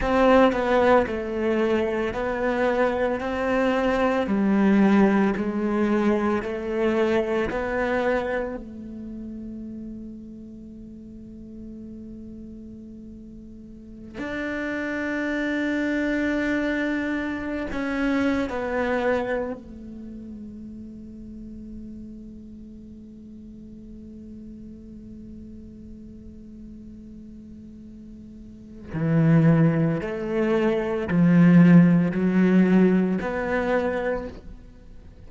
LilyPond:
\new Staff \with { instrumentName = "cello" } { \time 4/4 \tempo 4 = 56 c'8 b8 a4 b4 c'4 | g4 gis4 a4 b4 | a1~ | a4~ a16 d'2~ d'8.~ |
d'8 cis'8. b4 a4.~ a16~ | a1~ | a2. e4 | a4 f4 fis4 b4 | }